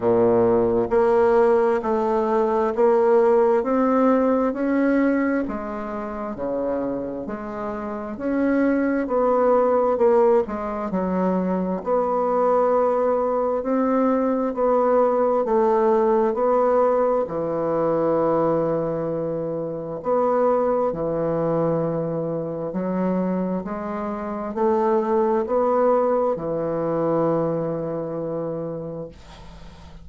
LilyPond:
\new Staff \with { instrumentName = "bassoon" } { \time 4/4 \tempo 4 = 66 ais,4 ais4 a4 ais4 | c'4 cis'4 gis4 cis4 | gis4 cis'4 b4 ais8 gis8 | fis4 b2 c'4 |
b4 a4 b4 e4~ | e2 b4 e4~ | e4 fis4 gis4 a4 | b4 e2. | }